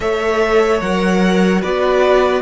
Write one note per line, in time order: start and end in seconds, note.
0.00 0.80 A3
0.00 0.81 A4
0.00 1.61 C#5
0.00 0.80 E5
0.80 1.62 F#3
0.80 1.62 A#4
0.80 1.61 F#5
1.61 2.42 B3
1.61 2.42 F#4
1.61 2.42 B4
1.61 2.42 D5